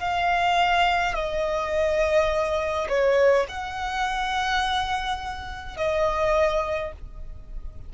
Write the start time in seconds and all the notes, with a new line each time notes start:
0.00 F5
1.15 D#5
2.89 C#5
3.48 F#5
5.77 D#5